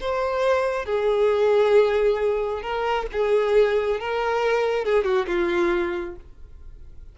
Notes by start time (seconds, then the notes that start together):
0.00 C5
0.85 G#4
2.62 A#4
3.12 G#4
4.00 A#4
4.84 G#4
5.04 F#4
5.27 F4